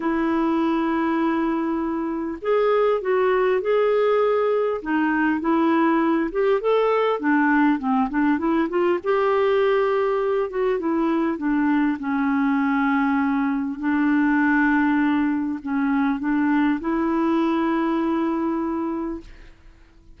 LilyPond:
\new Staff \with { instrumentName = "clarinet" } { \time 4/4 \tempo 4 = 100 e'1 | gis'4 fis'4 gis'2 | dis'4 e'4. g'8 a'4 | d'4 c'8 d'8 e'8 f'8 g'4~ |
g'4. fis'8 e'4 d'4 | cis'2. d'4~ | d'2 cis'4 d'4 | e'1 | }